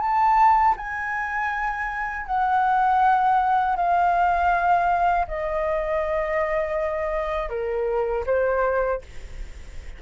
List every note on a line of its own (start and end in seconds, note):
0.00 0.75 A5
0.77 2.27 G#5
2.27 3.77 F#5
3.77 5.27 F5
5.28 7.50 D#5
7.50 8.25 A#4
8.27 9.02 C5